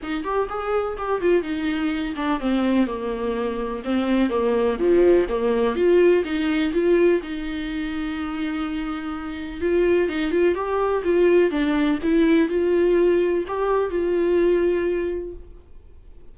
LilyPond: \new Staff \with { instrumentName = "viola" } { \time 4/4 \tempo 4 = 125 dis'8 g'8 gis'4 g'8 f'8 dis'4~ | dis'8 d'8 c'4 ais2 | c'4 ais4 f4 ais4 | f'4 dis'4 f'4 dis'4~ |
dis'1 | f'4 dis'8 f'8 g'4 f'4 | d'4 e'4 f'2 | g'4 f'2. | }